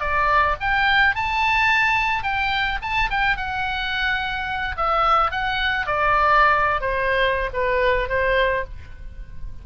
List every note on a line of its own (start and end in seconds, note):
0.00 0.56 D5
0.60 1.15 G5
1.15 2.23 A5
2.23 2.78 G5
2.82 3.09 A5
3.10 3.37 G5
3.37 4.76 F#5
4.77 5.31 E5
5.31 5.86 F#5
5.86 6.81 D5
6.81 7.50 C5
7.53 8.08 B4
8.08 8.64 C5